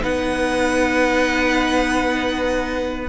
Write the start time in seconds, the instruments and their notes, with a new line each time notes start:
0.00 cello B3, viola D#4, violin B4 F#5